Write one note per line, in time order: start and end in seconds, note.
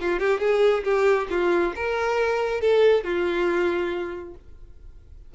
0.00 0.19 F4
0.19 0.40 G4
0.40 0.83 G#4
0.84 1.27 G4
1.30 1.73 F4
1.75 2.60 A#4
2.60 3.04 A4
3.04 4.34 F4